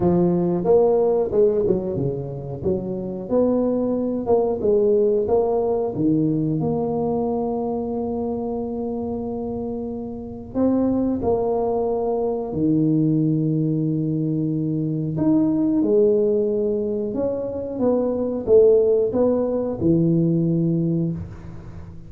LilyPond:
\new Staff \with { instrumentName = "tuba" } { \time 4/4 \tempo 4 = 91 f4 ais4 gis8 fis8 cis4 | fis4 b4. ais8 gis4 | ais4 dis4 ais2~ | ais1 |
c'4 ais2 dis4~ | dis2. dis'4 | gis2 cis'4 b4 | a4 b4 e2 | }